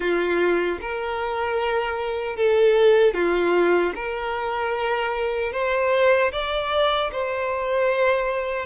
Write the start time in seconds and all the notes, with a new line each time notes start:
0.00 F4
0.81 A#4
2.36 A4
3.14 F4
3.95 A#4
5.52 C5
6.32 D5
7.12 C5